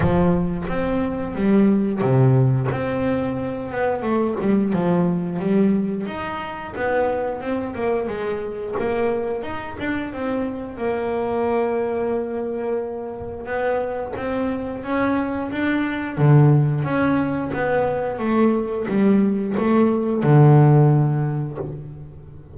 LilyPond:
\new Staff \with { instrumentName = "double bass" } { \time 4/4 \tempo 4 = 89 f4 c'4 g4 c4 | c'4. b8 a8 g8 f4 | g4 dis'4 b4 c'8 ais8 | gis4 ais4 dis'8 d'8 c'4 |
ais1 | b4 c'4 cis'4 d'4 | d4 cis'4 b4 a4 | g4 a4 d2 | }